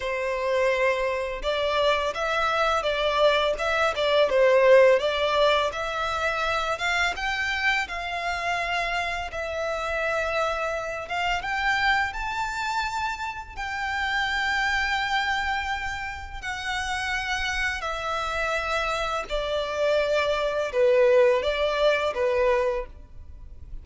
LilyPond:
\new Staff \with { instrumentName = "violin" } { \time 4/4 \tempo 4 = 84 c''2 d''4 e''4 | d''4 e''8 d''8 c''4 d''4 | e''4. f''8 g''4 f''4~ | f''4 e''2~ e''8 f''8 |
g''4 a''2 g''4~ | g''2. fis''4~ | fis''4 e''2 d''4~ | d''4 b'4 d''4 b'4 | }